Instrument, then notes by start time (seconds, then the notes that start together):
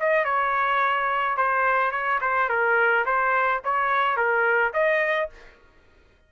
trumpet
0.00 D#5
0.25 C#5
1.37 C5
1.91 C#5
2.21 C5
2.49 A#4
3.06 C5
3.64 C#5
4.16 A#4
4.74 D#5